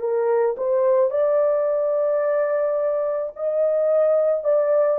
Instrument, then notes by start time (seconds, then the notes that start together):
horn
0.00 A#4
0.57 C5
1.11 D5
3.36 D#5
4.44 D5